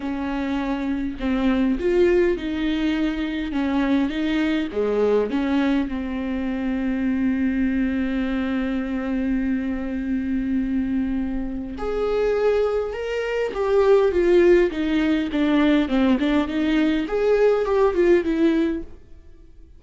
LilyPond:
\new Staff \with { instrumentName = "viola" } { \time 4/4 \tempo 4 = 102 cis'2 c'4 f'4 | dis'2 cis'4 dis'4 | gis4 cis'4 c'2~ | c'1~ |
c'1 | gis'2 ais'4 g'4 | f'4 dis'4 d'4 c'8 d'8 | dis'4 gis'4 g'8 f'8 e'4 | }